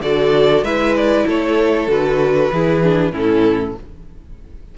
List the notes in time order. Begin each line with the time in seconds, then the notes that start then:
0.00 D3 F#4 A4 D5
0.62 G#3 E4 B4 E5
0.96 D5
1.26 A3 A4 C#5
1.87 D3 F#4 B4
2.52 E3 E4 G#4
2.83 D4
3.11 A2 C#4 E4 A4